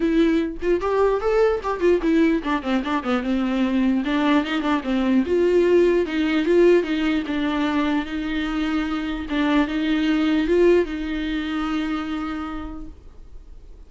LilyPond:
\new Staff \with { instrumentName = "viola" } { \time 4/4 \tempo 4 = 149 e'4. f'8 g'4 a'4 | g'8 f'8 e'4 d'8 c'8 d'8 b8 | c'2 d'4 dis'8 d'8 | c'4 f'2 dis'4 |
f'4 dis'4 d'2 | dis'2. d'4 | dis'2 f'4 dis'4~ | dis'1 | }